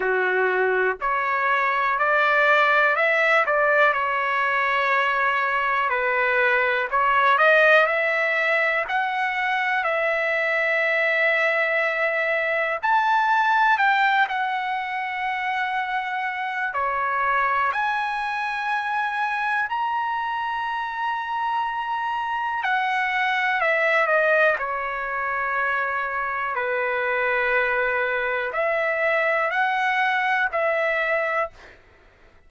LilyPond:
\new Staff \with { instrumentName = "trumpet" } { \time 4/4 \tempo 4 = 61 fis'4 cis''4 d''4 e''8 d''8 | cis''2 b'4 cis''8 dis''8 | e''4 fis''4 e''2~ | e''4 a''4 g''8 fis''4.~ |
fis''4 cis''4 gis''2 | ais''2. fis''4 | e''8 dis''8 cis''2 b'4~ | b'4 e''4 fis''4 e''4 | }